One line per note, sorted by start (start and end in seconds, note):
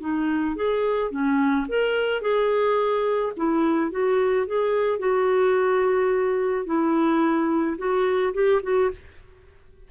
0.00 0.56 D#4
0.56 1.11 G#4
1.11 1.66 C#4
1.68 2.21 A#4
2.21 3.32 G#4
3.36 3.91 E4
3.91 4.46 F#4
4.46 4.99 G#4
4.99 6.65 F#4
6.66 7.77 E4
7.78 8.33 F#4
8.33 8.61 G4
8.63 8.90 F#4